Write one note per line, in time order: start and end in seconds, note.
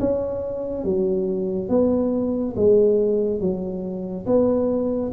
0.00 0.85 C#4
0.85 1.69 F#3
1.69 2.54 B3
2.56 3.40 G#3
3.40 4.26 F#3
4.26 5.12 B3